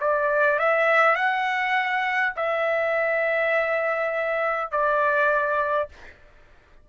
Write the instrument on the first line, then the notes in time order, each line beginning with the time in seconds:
trumpet
0.00 D5
0.59 E5
1.16 F#5
2.36 E5
4.72 D5